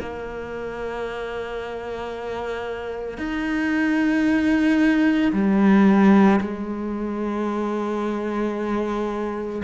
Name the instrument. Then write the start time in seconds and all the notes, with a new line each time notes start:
cello
0.00 A#3
3.18 D#4
5.33 G3
6.40 G#3